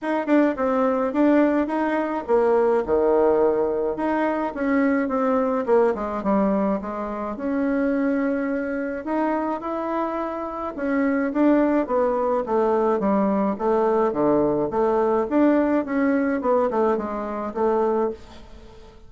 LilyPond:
\new Staff \with { instrumentName = "bassoon" } { \time 4/4 \tempo 4 = 106 dis'8 d'8 c'4 d'4 dis'4 | ais4 dis2 dis'4 | cis'4 c'4 ais8 gis8 g4 | gis4 cis'2. |
dis'4 e'2 cis'4 | d'4 b4 a4 g4 | a4 d4 a4 d'4 | cis'4 b8 a8 gis4 a4 | }